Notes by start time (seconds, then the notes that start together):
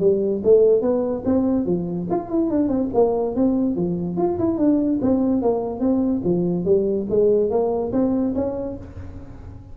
0.00 G3
0.44 A3
0.81 B3
1.25 C4
1.66 F3
2.10 F4
2.30 E4
2.50 D4
2.68 C4
2.94 A#3
3.35 C4
3.76 F3
4.17 F4
4.39 E4
4.58 D4
5.02 C4
5.42 A#3
5.80 C4
6.24 F3
6.65 G3
7.10 G#3
7.50 A#3
7.92 C4
8.35 C#4